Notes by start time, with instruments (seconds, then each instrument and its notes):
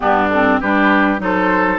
0.00 bassoon G2, clarinet B3, oboe D4, flute G4
0.29 clarinet C4, flute A4
0.60 bassoon G3, clarinet D4, oboe G4, flute B4
1.18 bassoon F#3, clarinet D#4, oboe A4, flute C5